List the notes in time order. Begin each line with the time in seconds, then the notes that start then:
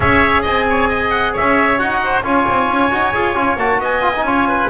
0.00 C#4 G#4 C#5 E5
0.42 C4 D#5 G#5
0.69 C#5
0.88 D#5
1.10 F#5
1.32 C#5 E5
1.39 C#4
1.78 D#4 F#4 F#5
2.03 C5
2.23 C#4 F4 C#5 G#5
2.49 C4
2.68 C#4
2.90 D#4 F#4
3.13 F4 G#4
3.34 C#4 F4
3.56 A#3 F#4 A5
3.78 B3 D#5 G#5
4.01 F4
4.16 D#4
4.22 C#4 F4 C#5
4.48 B4